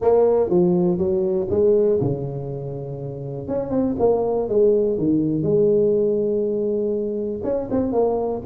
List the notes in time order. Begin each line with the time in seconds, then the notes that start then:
0.01 A#3
0.49 F3
0.98 F#3
1.50 G#3
2.00 C#3
3.48 C#4
3.70 C4
3.99 A#3
4.48 G#3
4.98 D#3
5.42 G#3
7.43 C#4
7.70 C4
7.92 A#3